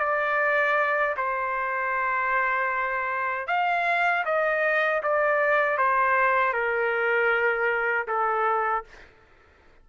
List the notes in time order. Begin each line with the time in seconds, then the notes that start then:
0.00 D5
1.17 C5
3.48 F5
4.26 D#5
5.03 D5
5.78 C5
6.54 A#4
8.08 A4